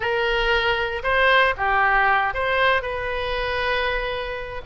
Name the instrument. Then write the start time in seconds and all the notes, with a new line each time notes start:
oboe
0.00 A#4
1.03 C5
1.57 G4
2.33 C5
2.82 B4